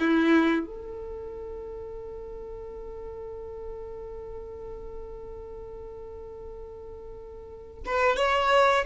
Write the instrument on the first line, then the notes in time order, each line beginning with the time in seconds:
violin
0.00 E4
0.67 A4
7.86 B4
8.17 C#5